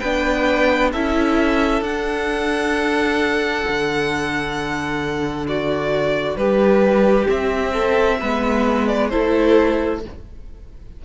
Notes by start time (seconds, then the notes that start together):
0.00 B3 D4 B4 G5
0.92 C#4 E4 A4 E5
1.81 D4 F#5
3.69 D3
5.48 F#4 D5
6.36 G3 G4 B4
7.27 C4 E5
7.73 A4
8.20 G#3 B3 B4
8.88 D5
9.09 A3 E4 A4 C5